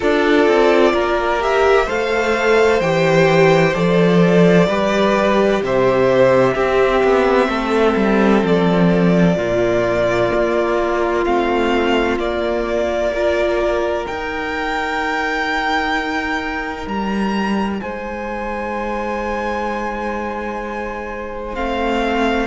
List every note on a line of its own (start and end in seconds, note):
0.00 0.47 D4
0.00 1.40 F4
0.00 0.92 A4
0.00 1.42 D5
0.47 0.93 C4
0.93 1.87 A#3
0.93 1.85 A#4
1.40 1.87 G4
1.40 1.88 E5
1.85 2.80 A3
1.85 2.81 A4
1.85 4.66 C5
1.85 2.80 F5
2.80 3.74 E3
2.80 3.74 G4
2.80 3.74 G5
3.74 4.67 F3
3.74 4.68 A4
3.74 5.61 D5
4.67 5.61 G3
4.67 6.55 G4
4.67 5.62 B4
5.62 6.55 C3
5.62 6.54 C5
5.62 8.46 E5
6.54 9.37 C4
6.54 7.03 C4
6.54 7.47 G4
7.03 7.47 B3
7.47 7.94 A3
7.47 9.36 A4
7.96 8.42 G3
8.42 9.36 F3
8.42 11.24 D5
9.36 10.30 A#2
9.36 11.25 A#3
9.36 13.11 F4
10.34 11.26 A#3
11.24 12.18 A3
11.24 12.19 C4
11.24 12.18 F5
12.18 14.06 A#3
12.18 13.13 A#3
12.18 14.06 D5
13.13 14.07 F4
13.13 17.81 A#4
14.06 21.54 D#4
14.06 16.87 D#4
14.06 16.87 G5
16.87 17.80 G3
16.87 17.80 A#5
17.80 21.56 G#3
17.80 22.46 C5
17.80 21.55 G#5
21.54 22.46 A3
21.54 22.46 C4
21.54 22.46 F5